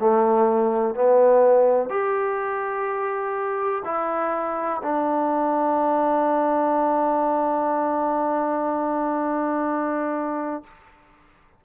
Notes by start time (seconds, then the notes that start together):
0.00 A3
0.95 B3
1.90 G4
3.85 E4
4.83 D4